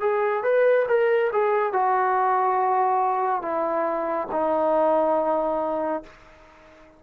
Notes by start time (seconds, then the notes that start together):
0.00 G#4
0.43 B4
0.88 A#4
1.32 G#4
1.73 F#4
3.42 E4
4.32 D#4